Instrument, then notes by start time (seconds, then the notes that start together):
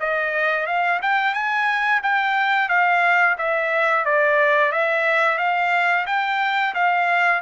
trumpet
0.00 D#5
0.66 F5
1.01 G5
1.34 G#5
2.03 G5
2.69 F5
3.38 E5
4.05 D5
4.72 E5
5.38 F5
6.06 G5
6.74 F5